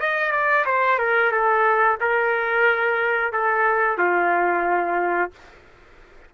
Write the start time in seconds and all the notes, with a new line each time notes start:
0.00 D#5
0.32 D5
0.66 C5
0.98 A#4
1.32 A4
2.01 A#4
3.33 A4
3.98 F4